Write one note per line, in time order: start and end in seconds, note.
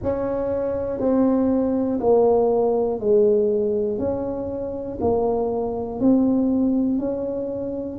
0.02 0.99 C#4
0.99 1.99 C4
2.00 3.00 A#3
3.00 3.98 G#3
3.98 4.98 C#4
5.00 6.00 A#3
6.00 6.99 C4
6.99 7.98 C#4